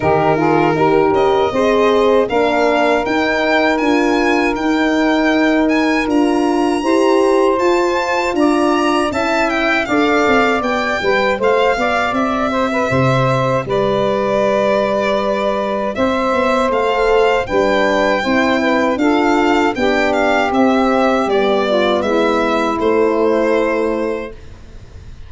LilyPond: <<
  \new Staff \with { instrumentName = "violin" } { \time 4/4 \tempo 4 = 79 ais'4. dis''4. f''4 | g''4 gis''4 g''4. gis''8 | ais''2 a''4 ais''4 | a''8 g''8 f''4 g''4 f''4 |
e''2 d''2~ | d''4 e''4 f''4 g''4~ | g''4 f''4 g''8 f''8 e''4 | d''4 e''4 c''2 | }
  \new Staff \with { instrumentName = "saxophone" } { \time 4/4 g'8 gis'8 ais'4 c''4 ais'4~ | ais'1~ | ais'4 c''2 d''4 | e''4 d''4. b'8 c''8 d''8~ |
d''8 c''16 b'16 c''4 b'2~ | b'4 c''2 b'4 | c''8 b'8 a'4 g'2~ | g'8 f'8 e'2. | }
  \new Staff \with { instrumentName = "horn" } { \time 4/4 dis'8 f'8 g'4 gis'4 d'4 | dis'4 f'4 dis'2 | f'4 g'4 f'2 | e'4 a'4 g'2~ |
g'1~ | g'2 a'4 d'4 | e'4 f'4 d'4 c'4 | b2 a2 | }
  \new Staff \with { instrumentName = "tuba" } { \time 4/4 dis4 dis'8 cis'8 c'4 ais4 | dis'4 d'4 dis'2 | d'4 e'4 f'4 d'4 | cis'4 d'8 c'8 b8 g8 a8 b8 |
c'4 c4 g2~ | g4 c'8 b8 a4 g4 | c'4 d'4 b4 c'4 | g4 gis4 a2 | }
>>